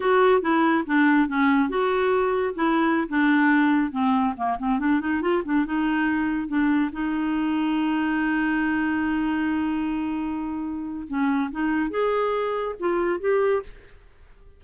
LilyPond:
\new Staff \with { instrumentName = "clarinet" } { \time 4/4 \tempo 4 = 141 fis'4 e'4 d'4 cis'4 | fis'2 e'4~ e'16 d'8.~ | d'4~ d'16 c'4 ais8 c'8 d'8 dis'16~ | dis'16 f'8 d'8 dis'2 d'8.~ |
d'16 dis'2.~ dis'8.~ | dis'1~ | dis'2 cis'4 dis'4 | gis'2 f'4 g'4 | }